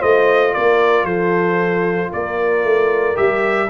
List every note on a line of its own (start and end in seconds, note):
0.00 0.55 A3
0.00 3.15 F4
0.00 0.53 C5
0.00 0.54 D#5
0.54 1.04 A#3
0.54 1.05 A#4
0.54 1.05 D5
1.04 2.09 F3
1.04 2.11 A4
1.04 2.11 C5
2.12 2.64 A#3
2.12 3.70 A#4
2.12 3.17 D5
2.64 3.17 A3
3.15 3.70 G3
3.15 3.68 G4
3.15 3.70 E5